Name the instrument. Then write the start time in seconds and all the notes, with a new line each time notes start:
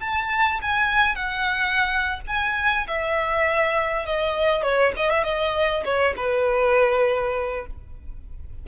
violin
0.00 A5
0.61 G#5
1.15 F#5
2.26 G#5
2.87 E5
4.06 D#5
4.62 C#5
4.96 D#5
5.10 E5
5.23 D#5
5.84 C#5
6.16 B4